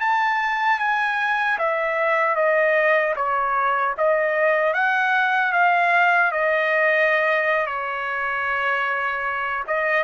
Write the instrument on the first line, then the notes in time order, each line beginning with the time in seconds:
trumpet
0.00 A5
0.79 G#5
1.58 E5
2.36 D#5
3.16 C#5
3.98 D#5
4.74 F#5
5.53 F5
6.32 D#5
7.67 C#5
9.67 D#5